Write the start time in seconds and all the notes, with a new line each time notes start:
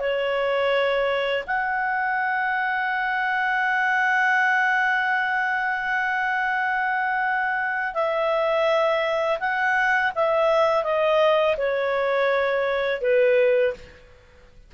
0.00 C#5
1.47 F#5
7.95 E5
9.40 F#5
10.16 E5
10.84 D#5
11.58 C#5
13.02 B4